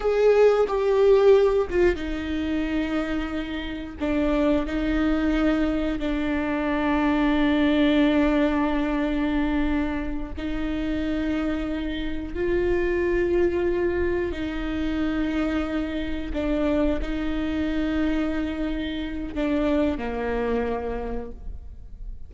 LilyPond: \new Staff \with { instrumentName = "viola" } { \time 4/4 \tempo 4 = 90 gis'4 g'4. f'8 dis'4~ | dis'2 d'4 dis'4~ | dis'4 d'2.~ | d'2.~ d'8 dis'8~ |
dis'2~ dis'8 f'4.~ | f'4. dis'2~ dis'8~ | dis'8 d'4 dis'2~ dis'8~ | dis'4 d'4 ais2 | }